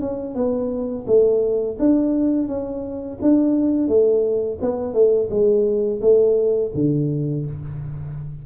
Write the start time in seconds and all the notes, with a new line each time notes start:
0.00 C#4
0.35 B3
1.07 A3
1.79 D4
2.48 C#4
3.21 D4
3.88 A3
4.61 B3
4.93 A3
5.30 G#3
6.01 A3
6.74 D3